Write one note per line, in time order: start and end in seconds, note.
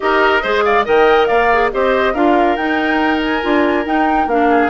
0.00 0.44 D#4
0.00 0.42 G4
0.00 0.42 A#4
0.00 0.63 D#5
0.42 0.86 G#3
0.42 0.84 G#4
0.42 0.63 C5
0.64 0.85 D5
0.64 0.85 F5
0.84 1.29 D#3
0.84 1.49 A#4
0.84 1.28 D#5
0.84 1.26 G5
1.26 1.72 A#3
1.26 1.71 D5
1.26 1.69 F5
1.52 1.72 G#4
1.72 2.14 C4
1.72 2.14 G4
1.72 2.13 C5
1.72 2.14 D#5
2.13 2.57 D4
2.13 2.57 F4
2.13 4.48 A#4
2.13 2.56 F5
2.56 3.42 D#4
2.56 3.41 D#4
2.56 3.20 G5
3.22 3.86 G#5
3.41 3.86 D4
3.41 3.84 F4
3.85 4.28 D#4
3.85 4.26 D#4
3.85 4.28 G5
4.26 4.69 A#3
4.26 4.70 D4
4.26 4.70 F5
4.49 4.70 G#4